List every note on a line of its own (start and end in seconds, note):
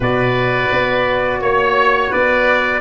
0.00 0.70 B2
0.00 2.80 F#4
0.00 1.40 B4
0.00 1.43 D5
0.71 1.41 B3
1.41 2.12 A#3
1.41 2.09 C#5
1.41 2.12 C#5
2.09 2.80 B3
2.09 2.80 B4
2.09 2.80 D5